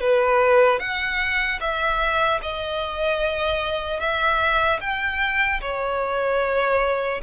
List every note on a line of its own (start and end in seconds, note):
0.00 0.79 B4
0.79 1.59 F#5
1.60 2.40 E5
2.42 4.00 D#5
4.00 4.80 E5
4.80 5.60 G5
5.61 7.21 C#5